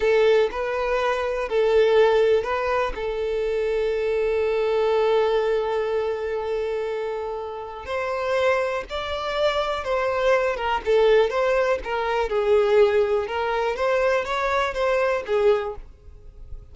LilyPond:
\new Staff \with { instrumentName = "violin" } { \time 4/4 \tempo 4 = 122 a'4 b'2 a'4~ | a'4 b'4 a'2~ | a'1~ | a'1 |
c''2 d''2 | c''4. ais'8 a'4 c''4 | ais'4 gis'2 ais'4 | c''4 cis''4 c''4 gis'4 | }